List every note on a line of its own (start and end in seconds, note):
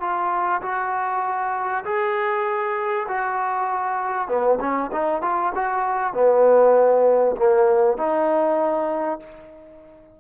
0.00 0.61 F4
0.62 1.84 F#4
1.85 3.07 G#4
3.08 4.28 F#4
4.28 4.59 B3
4.60 4.91 C#4
4.92 5.22 D#4
5.22 5.52 F4
5.55 6.13 F#4
6.13 7.36 B3
7.37 7.98 A#3
7.98 9.20 D#4